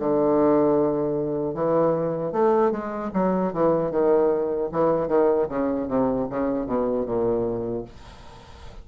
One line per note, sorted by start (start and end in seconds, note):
0.00 1.55 D3
1.55 2.33 E3
2.33 2.72 A3
2.72 3.11 G#3
3.14 3.53 F#3
3.54 3.92 E3
3.92 4.70 D#3
4.72 5.08 E3
5.08 5.48 D#3
5.49 5.89 C#3
5.89 6.28 C3
6.31 6.67 C#3
6.67 7.06 B2
7.06 7.85 A#2